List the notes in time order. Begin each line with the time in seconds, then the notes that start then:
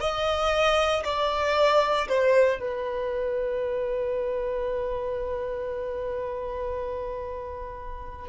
0.00 D#5
1.04 D5
2.08 C5
2.60 B4